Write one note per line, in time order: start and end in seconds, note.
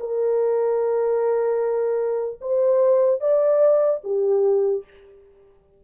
0.00 2.40 A#4
2.41 3.21 C5
3.21 4.01 D5
4.04 4.84 G4